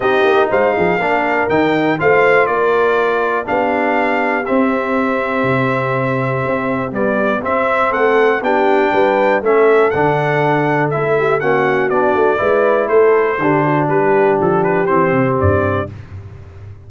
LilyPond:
<<
  \new Staff \with { instrumentName = "trumpet" } { \time 4/4 \tempo 4 = 121 dis''4 f''2 g''4 | f''4 d''2 f''4~ | f''4 e''2.~ | e''2 d''4 e''4 |
fis''4 g''2 e''4 | fis''2 e''4 fis''4 | d''2 c''2 | b'4 a'8 b'8 c''4 d''4 | }
  \new Staff \with { instrumentName = "horn" } { \time 4/4 g'4 c''8 gis'8 ais'2 | c''4 ais'2 g'4~ | g'1~ | g'1 |
a'4 g'4 b'4 a'4~ | a'2~ a'8 g'8 fis'4~ | fis'4 b'4 a'4 g'8 fis'8 | g'1 | }
  \new Staff \with { instrumentName = "trombone" } { \time 4/4 dis'2 d'4 dis'4 | f'2. d'4~ | d'4 c'2.~ | c'2 g4 c'4~ |
c'4 d'2 cis'4 | d'2 e'4 cis'4 | d'4 e'2 d'4~ | d'2 c'2 | }
  \new Staff \with { instrumentName = "tuba" } { \time 4/4 c'8 ais8 gis8 f8 ais4 dis4 | a4 ais2 b4~ | b4 c'2 c4~ | c4 c'4 b4 c'4 |
a4 b4 g4 a4 | d2 a4 ais4 | b8 a8 gis4 a4 d4 | g4 f4 e8 c8 g,4 | }
>>